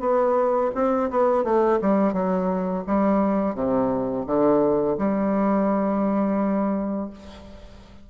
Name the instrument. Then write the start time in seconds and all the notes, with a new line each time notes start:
bassoon
0.00 B3
0.75 C4
1.10 B3
1.44 A3
1.81 G3
2.13 F#3
2.87 G3
3.55 C3
4.26 D3
4.98 G3